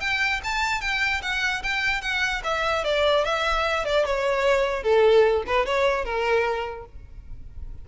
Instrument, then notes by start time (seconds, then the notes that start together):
violin
0.00 G5
0.43 A5
0.81 G5
1.22 F#5
1.63 G5
2.01 F#5
2.44 E5
2.84 D5
3.24 E5
3.85 D5
4.05 C#5
4.82 A4
5.46 B4
5.65 C#5
6.04 A#4